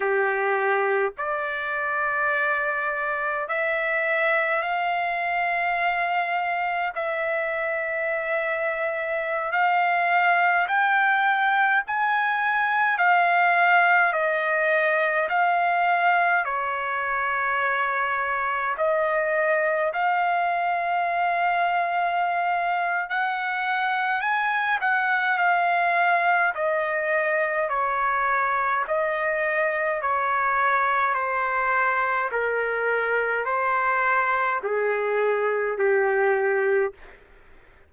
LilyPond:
\new Staff \with { instrumentName = "trumpet" } { \time 4/4 \tempo 4 = 52 g'4 d''2 e''4 | f''2 e''2~ | e''16 f''4 g''4 gis''4 f''8.~ | f''16 dis''4 f''4 cis''4.~ cis''16~ |
cis''16 dis''4 f''2~ f''8. | fis''4 gis''8 fis''8 f''4 dis''4 | cis''4 dis''4 cis''4 c''4 | ais'4 c''4 gis'4 g'4 | }